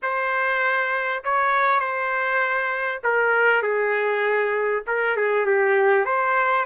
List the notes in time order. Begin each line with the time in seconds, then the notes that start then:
0.02 C5
1.24 C#5
1.80 C5
3.03 A#4
3.62 G#4
4.87 A#4
5.16 G#4
5.45 G4
6.05 C5